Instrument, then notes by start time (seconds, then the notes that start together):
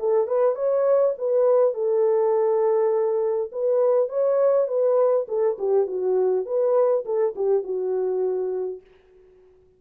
horn
0.00 A4
0.28 B4
0.56 C#5
1.18 B4
1.75 A4
3.53 B4
4.09 C#5
4.68 B4
5.28 A4
5.59 G4
5.87 F#4
6.46 B4
7.06 A4
7.36 G4
7.64 F#4